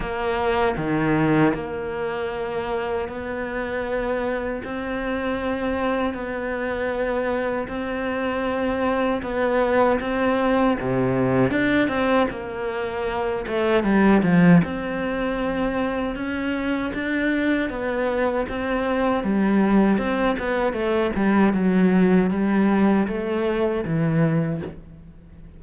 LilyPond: \new Staff \with { instrumentName = "cello" } { \time 4/4 \tempo 4 = 78 ais4 dis4 ais2 | b2 c'2 | b2 c'2 | b4 c'4 c4 d'8 c'8 |
ais4. a8 g8 f8 c'4~ | c'4 cis'4 d'4 b4 | c'4 g4 c'8 b8 a8 g8 | fis4 g4 a4 e4 | }